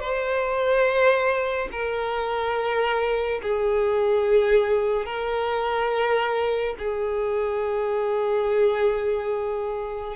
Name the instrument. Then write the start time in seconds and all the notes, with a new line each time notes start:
violin
0.00 C5
1.72 A#4
3.43 G#4
5.06 A#4
6.79 G#4